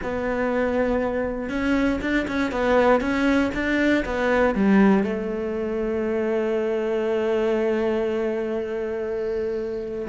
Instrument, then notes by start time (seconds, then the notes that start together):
cello
0.03 B3
1.49 C#4
2.01 D4
2.27 C#4
2.51 B3
3.00 C#4
3.53 D4
4.05 B3
4.54 G3
5.03 A3